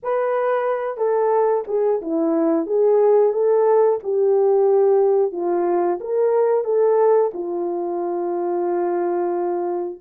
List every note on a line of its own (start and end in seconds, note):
0.02 0.97 B4
0.97 1.63 A4
1.67 2.01 G#4
2.02 2.66 E4
2.66 3.32 G#4
3.32 3.99 A4
4.03 5.32 G4
5.32 5.98 F4
6.00 6.64 A#4
6.64 7.31 A4
7.33 10.00 F4